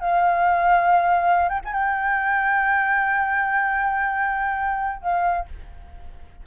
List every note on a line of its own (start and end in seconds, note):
0.00 1.49 F5
1.49 1.60 G5
1.64 1.73 G#5
1.73 5.01 G5
5.01 5.45 F5